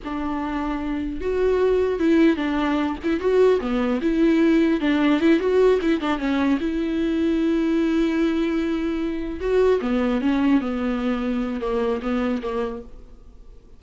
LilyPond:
\new Staff \with { instrumentName = "viola" } { \time 4/4 \tempo 4 = 150 d'2. fis'4~ | fis'4 e'4 d'4. e'8 | fis'4 b4 e'2 | d'4 e'8 fis'4 e'8 d'8 cis'8~ |
cis'8 e'2.~ e'8~ | e'2.~ e'8 fis'8~ | fis'8 b4 cis'4 b4.~ | b4 ais4 b4 ais4 | }